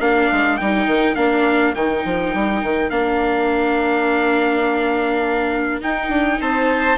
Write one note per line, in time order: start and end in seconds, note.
0.00 0.30 A#3
0.00 0.59 D4
0.00 6.41 A#4
0.00 0.58 F5
0.32 0.61 G#3
0.58 0.87 G3
0.58 1.16 D#4
0.58 1.16 G5
0.87 1.17 D#3
1.16 1.75 A#3
1.16 1.75 D4
1.16 1.74 F5
1.75 2.05 D#3
1.75 2.91 D#4
1.75 2.90 G5
2.05 2.34 F3
2.34 2.63 G3
2.63 2.91 D#3
2.90 5.82 A#3
2.90 5.82 D4
2.90 5.82 F5
5.82 6.98 D#4
5.82 6.09 D#4
5.82 6.41 G5
6.09 6.38 D4
6.41 6.98 C4
6.41 6.98 C5
6.41 6.98 A5